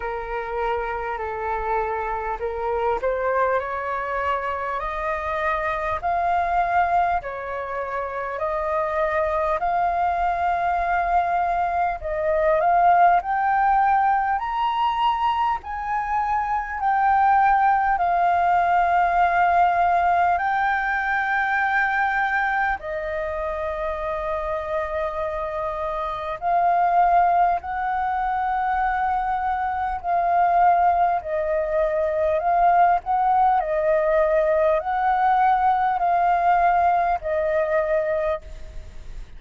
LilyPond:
\new Staff \with { instrumentName = "flute" } { \time 4/4 \tempo 4 = 50 ais'4 a'4 ais'8 c''8 cis''4 | dis''4 f''4 cis''4 dis''4 | f''2 dis''8 f''8 g''4 | ais''4 gis''4 g''4 f''4~ |
f''4 g''2 dis''4~ | dis''2 f''4 fis''4~ | fis''4 f''4 dis''4 f''8 fis''8 | dis''4 fis''4 f''4 dis''4 | }